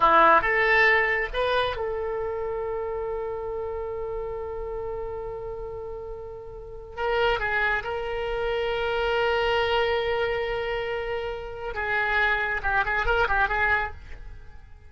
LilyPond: \new Staff \with { instrumentName = "oboe" } { \time 4/4 \tempo 4 = 138 e'4 a'2 b'4 | a'1~ | a'1~ | a'1 |
ais'4 gis'4 ais'2~ | ais'1~ | ais'2. gis'4~ | gis'4 g'8 gis'8 ais'8 g'8 gis'4 | }